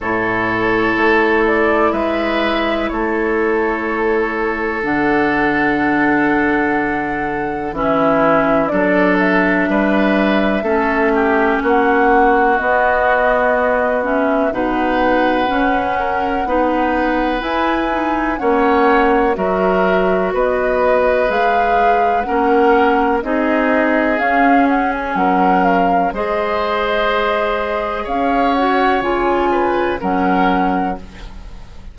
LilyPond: <<
  \new Staff \with { instrumentName = "flute" } { \time 4/4 \tempo 4 = 62 cis''4. d''8 e''4 cis''4~ | cis''4 fis''2. | e''4 d''8 e''2~ e''8 | fis''4 dis''4. e''8 fis''4~ |
fis''2 gis''4 fis''4 | e''4 dis''4 f''4 fis''4 | dis''4 f''8 fis''16 gis''16 fis''8 f''8 dis''4~ | dis''4 f''8 fis''8 gis''4 fis''4 | }
  \new Staff \with { instrumentName = "oboe" } { \time 4/4 a'2 b'4 a'4~ | a'1 | e'4 a'4 b'4 a'8 g'8 | fis'2. b'4~ |
b'8 ais'8 b'2 cis''4 | ais'4 b'2 ais'4 | gis'2 ais'4 c''4~ | c''4 cis''4. b'8 ais'4 | }
  \new Staff \with { instrumentName = "clarinet" } { \time 4/4 e'1~ | e'4 d'2. | cis'4 d'2 cis'4~ | cis'4 b4. cis'8 dis'4 |
cis'4 dis'4 e'8 dis'8 cis'4 | fis'2 gis'4 cis'4 | dis'4 cis'2 gis'4~ | gis'4. fis'8 f'4 cis'4 | }
  \new Staff \with { instrumentName = "bassoon" } { \time 4/4 a,4 a4 gis4 a4~ | a4 d2. | e4 fis4 g4 a4 | ais4 b2 b,4 |
cis'4 b4 e'4 ais4 | fis4 b4 gis4 ais4 | c'4 cis'4 fis4 gis4~ | gis4 cis'4 cis4 fis4 | }
>>